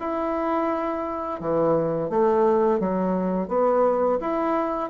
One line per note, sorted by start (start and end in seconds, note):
0.00 1.41 E4
1.41 2.10 E3
2.10 2.80 A3
2.80 3.49 F#3
3.49 4.19 B3
4.21 4.91 E4